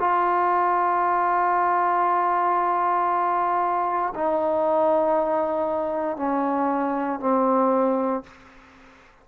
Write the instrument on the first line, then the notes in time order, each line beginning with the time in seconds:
trombone
0.00 F4
4.15 D#4
6.17 C#4
7.20 C4